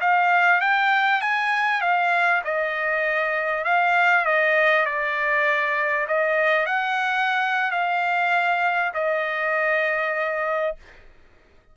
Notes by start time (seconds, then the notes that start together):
0.00 F5
0.60 G5
1.21 G#5
1.81 F5
2.44 D#5
3.64 F5
4.25 D#5
4.85 D5
6.07 D#5
6.66 F#5
7.71 F5
8.94 D#5